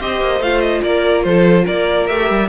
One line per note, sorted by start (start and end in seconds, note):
0.00 0.20 C4
0.00 0.42 G4
0.00 0.82 C5
0.00 0.42 D#5
0.20 0.40 A#3
0.40 0.82 A3
0.40 2.09 F4
0.40 0.61 F5
0.61 0.82 D#5
0.82 1.25 A#3
0.82 1.24 A#4
0.82 1.23 D5
1.23 1.66 F3
1.23 1.64 A4
1.23 1.65 C5
1.64 2.09 A#3
1.64 2.47 A#4
1.64 2.07 D5
2.07 2.30 A3
2.07 2.49 G4
2.07 2.49 E5
2.30 2.49 G3